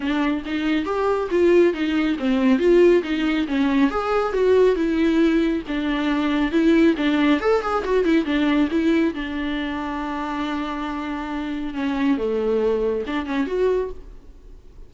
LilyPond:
\new Staff \with { instrumentName = "viola" } { \time 4/4 \tempo 4 = 138 d'4 dis'4 g'4 f'4 | dis'4 c'4 f'4 dis'4 | cis'4 gis'4 fis'4 e'4~ | e'4 d'2 e'4 |
d'4 a'8 gis'8 fis'8 e'8 d'4 | e'4 d'2.~ | d'2. cis'4 | a2 d'8 cis'8 fis'4 | }